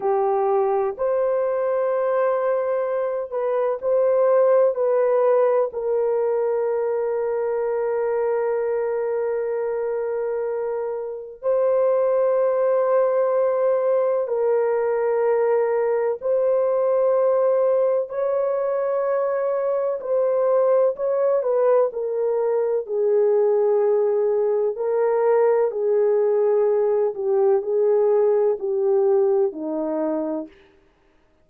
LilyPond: \new Staff \with { instrumentName = "horn" } { \time 4/4 \tempo 4 = 63 g'4 c''2~ c''8 b'8 | c''4 b'4 ais'2~ | ais'1 | c''2. ais'4~ |
ais'4 c''2 cis''4~ | cis''4 c''4 cis''8 b'8 ais'4 | gis'2 ais'4 gis'4~ | gis'8 g'8 gis'4 g'4 dis'4 | }